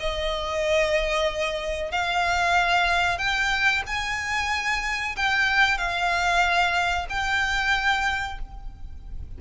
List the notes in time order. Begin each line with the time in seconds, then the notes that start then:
0.00 D#5
1.92 F5
3.18 G5
3.87 G#5
5.16 G5
5.78 F5
7.10 G5